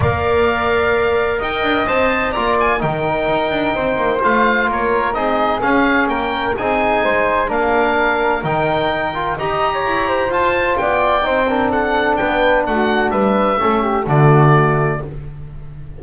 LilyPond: <<
  \new Staff \with { instrumentName = "oboe" } { \time 4/4 \tempo 4 = 128 f''2. g''4 | a''4 ais''8 gis''8 g''2~ | g''4 f''4 cis''4 dis''4 | f''4 g''4 gis''2 |
f''2 g''2 | ais''2 a''4 g''4~ | g''4 fis''4 g''4 fis''4 | e''2 d''2 | }
  \new Staff \with { instrumentName = "flute" } { \time 4/4 d''2. dis''4~ | dis''4 d''4 ais'2 | c''2 ais'4 gis'4~ | gis'4 ais'4 gis'4 c''4 |
ais'1 | dis''8. cis''8. c''4. d''4 | c''8 ais'8 a'4 b'4 fis'4 | b'4 a'8 g'8 fis'2 | }
  \new Staff \with { instrumentName = "trombone" } { \time 4/4 ais'1 | c''4 f'4 dis'2~ | dis'4 f'2 dis'4 | cis'2 dis'2 |
d'2 dis'4. f'8 | g'2 f'2 | dis'8 d'2.~ d'8~ | d'4 cis'4 a2 | }
  \new Staff \with { instrumentName = "double bass" } { \time 4/4 ais2. dis'8 d'8 | c'4 ais4 dis4 dis'8 d'8 | c'8 ais8 a4 ais4 c'4 | cis'4 ais4 c'4 gis4 |
ais2 dis2 | dis'4 e'4 f'4 b4 | c'2 b4 a4 | g4 a4 d2 | }
>>